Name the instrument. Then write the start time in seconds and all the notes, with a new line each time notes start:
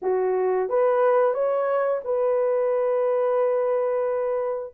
horn
0.02 F#4
0.69 B4
1.33 C#5
2.04 B4